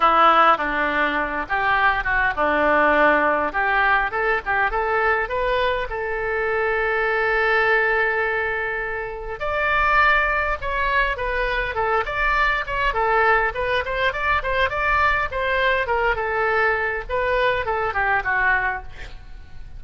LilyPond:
\new Staff \with { instrumentName = "oboe" } { \time 4/4 \tempo 4 = 102 e'4 d'4. g'4 fis'8 | d'2 g'4 a'8 g'8 | a'4 b'4 a'2~ | a'1 |
d''2 cis''4 b'4 | a'8 d''4 cis''8 a'4 b'8 c''8 | d''8 c''8 d''4 c''4 ais'8 a'8~ | a'4 b'4 a'8 g'8 fis'4 | }